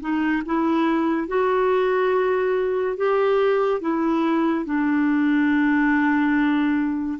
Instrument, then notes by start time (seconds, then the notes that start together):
clarinet
0.00 D#4
0.45 E4
1.27 F#4
2.97 G4
3.80 E4
4.65 D4